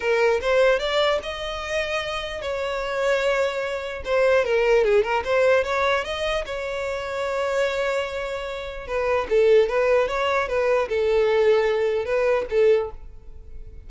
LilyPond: \new Staff \with { instrumentName = "violin" } { \time 4/4 \tempo 4 = 149 ais'4 c''4 d''4 dis''4~ | dis''2 cis''2~ | cis''2 c''4 ais'4 | gis'8 ais'8 c''4 cis''4 dis''4 |
cis''1~ | cis''2 b'4 a'4 | b'4 cis''4 b'4 a'4~ | a'2 b'4 a'4 | }